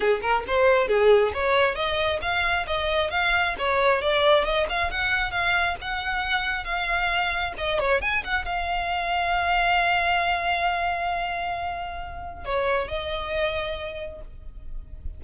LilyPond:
\new Staff \with { instrumentName = "violin" } { \time 4/4 \tempo 4 = 135 gis'8 ais'8 c''4 gis'4 cis''4 | dis''4 f''4 dis''4 f''4 | cis''4 d''4 dis''8 f''8 fis''4 | f''4 fis''2 f''4~ |
f''4 dis''8 cis''8 gis''8 fis''8 f''4~ | f''1~ | f''1 | cis''4 dis''2. | }